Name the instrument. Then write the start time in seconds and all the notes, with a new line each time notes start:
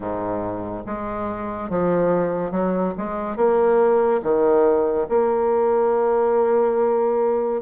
bassoon
0.00 G#2
0.86 G#3
1.69 F3
2.51 F#3
2.97 G#3
3.36 A#3
4.23 D#3
5.08 A#3